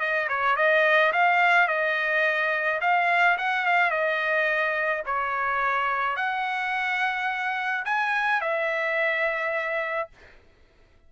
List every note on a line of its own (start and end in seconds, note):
0.00 0.28 D#5
0.29 0.57 C#5
0.57 1.13 D#5
1.13 1.68 F5
1.68 2.80 D#5
2.81 3.37 F5
3.38 3.66 F#5
3.66 3.91 F5
3.91 5.03 D#5
5.06 6.17 C#5
6.17 7.85 F#5
7.86 8.41 G#5
8.41 10.10 E5